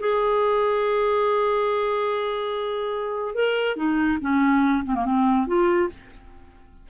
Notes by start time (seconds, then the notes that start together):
0.00 G#4
3.35 A#4
3.76 D#4
4.21 C#4
4.85 C4
4.95 A#3
5.05 C4
5.47 F4